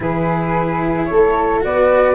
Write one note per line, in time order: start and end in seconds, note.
0.00 1.07 E3
0.00 1.60 E4
0.00 1.09 G#4
0.00 1.05 B4
1.05 1.64 A4
1.05 1.59 C#5
1.12 1.65 A3
1.60 2.15 B3
1.60 2.14 F#4
1.60 2.15 B4
1.60 2.15 D5